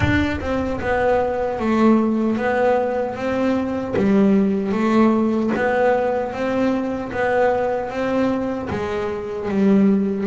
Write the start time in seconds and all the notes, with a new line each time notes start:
0.00 D4
0.40 C4
0.81 B3
1.59 A3
2.36 B3
3.15 C4
3.96 G3
4.72 A3
5.56 B3
6.32 C4
7.12 B3
7.89 C4
8.69 G#3
9.48 G3